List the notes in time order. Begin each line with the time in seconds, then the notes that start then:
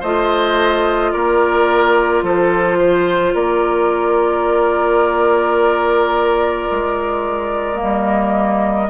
0.00 A3 F4 C5 D#5
1.12 A#3 A#4 D5
2.23 F3 A4 C5
2.78 C5
3.34 A#3 A#4 D5
6.71 G#3
7.75 A#3 D#5
7.83 G3